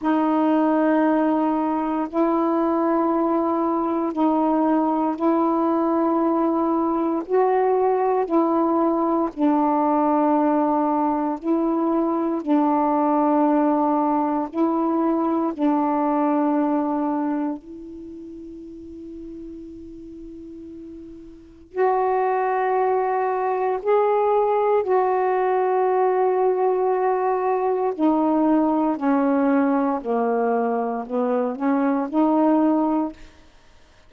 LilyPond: \new Staff \with { instrumentName = "saxophone" } { \time 4/4 \tempo 4 = 58 dis'2 e'2 | dis'4 e'2 fis'4 | e'4 d'2 e'4 | d'2 e'4 d'4~ |
d'4 e'2.~ | e'4 fis'2 gis'4 | fis'2. dis'4 | cis'4 ais4 b8 cis'8 dis'4 | }